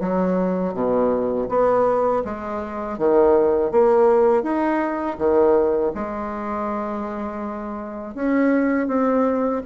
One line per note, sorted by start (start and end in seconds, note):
0.00 0.74 F#3
0.74 1.48 B2
1.49 2.23 B3
2.25 2.99 G#3
2.99 3.72 D#3
3.72 4.43 A#3
4.43 5.18 D#4
5.19 5.93 D#3
5.95 8.15 G#3
8.15 8.88 C#4
8.88 9.62 C4